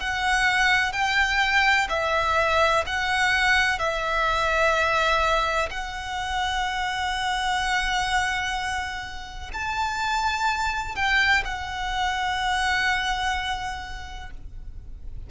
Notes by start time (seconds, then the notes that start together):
0.00 F#5
0.93 G5
1.89 E5
2.87 F#5
3.79 E5
5.71 F#5
9.53 A5
10.96 G5
11.45 F#5